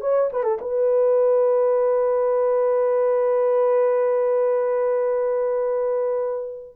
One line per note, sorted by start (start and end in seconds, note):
0.00 0.30 C#5
0.32 0.43 B4
0.43 0.58 A4
0.61 6.76 B4